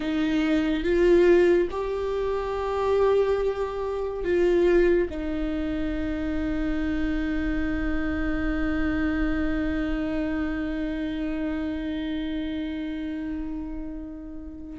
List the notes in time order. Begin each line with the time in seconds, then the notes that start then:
0.00 D#4
0.83 F4
1.70 G4
4.23 F4
5.10 D#4